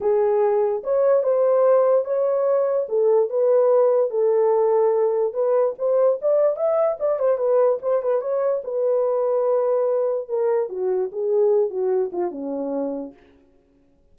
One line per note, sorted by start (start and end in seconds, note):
0.00 0.83 G#4
0.83 1.23 C#5
1.23 2.04 C5
2.04 2.87 C#5
2.88 3.29 A4
3.29 4.10 B4
4.10 5.33 A4
5.33 5.74 B4
5.78 6.19 C5
6.21 6.56 D5
6.56 6.97 E5
6.99 7.19 D5
7.19 7.37 C5
7.37 7.78 B4
7.82 8.02 C5
8.02 8.21 B4
8.21 8.62 C#5
8.63 10.28 B4
10.28 10.69 A#4
10.69 11.10 F#4
11.12 11.69 G#4
11.69 12.10 F#4
12.12 12.31 F4
12.31 13.13 C#4